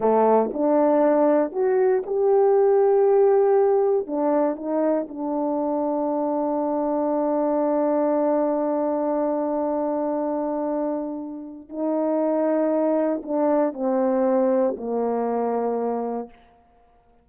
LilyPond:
\new Staff \with { instrumentName = "horn" } { \time 4/4 \tempo 4 = 118 a4 d'2 fis'4 | g'1 | d'4 dis'4 d'2~ | d'1~ |
d'1~ | d'2. dis'4~ | dis'2 d'4 c'4~ | c'4 ais2. | }